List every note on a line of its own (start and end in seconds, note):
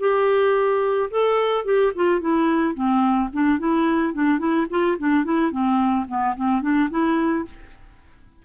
0.00 1.10 G4
1.11 1.65 A4
1.65 1.93 G4
1.96 2.21 F4
2.21 2.75 E4
2.75 3.30 C4
3.33 3.59 D4
3.59 4.14 E4
4.14 4.39 D4
4.39 4.67 E4
4.70 4.98 F4
4.99 5.25 D4
5.25 5.52 E4
5.52 6.07 C4
6.08 6.36 B3
6.36 6.62 C4
6.62 6.90 D4
6.91 7.46 E4